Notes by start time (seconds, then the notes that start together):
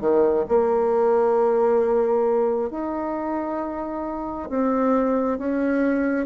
0.00 D#3
0.48 A#3
2.70 D#4
4.49 C4
5.39 C#4